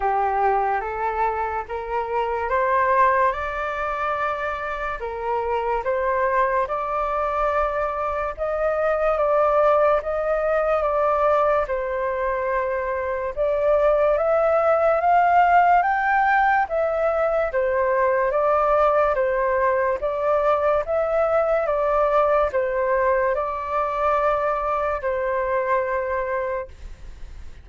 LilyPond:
\new Staff \with { instrumentName = "flute" } { \time 4/4 \tempo 4 = 72 g'4 a'4 ais'4 c''4 | d''2 ais'4 c''4 | d''2 dis''4 d''4 | dis''4 d''4 c''2 |
d''4 e''4 f''4 g''4 | e''4 c''4 d''4 c''4 | d''4 e''4 d''4 c''4 | d''2 c''2 | }